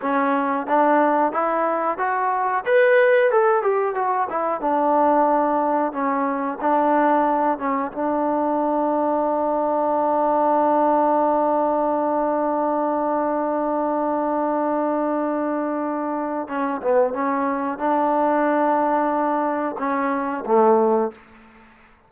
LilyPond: \new Staff \with { instrumentName = "trombone" } { \time 4/4 \tempo 4 = 91 cis'4 d'4 e'4 fis'4 | b'4 a'8 g'8 fis'8 e'8 d'4~ | d'4 cis'4 d'4. cis'8 | d'1~ |
d'1~ | d'1~ | d'4 cis'8 b8 cis'4 d'4~ | d'2 cis'4 a4 | }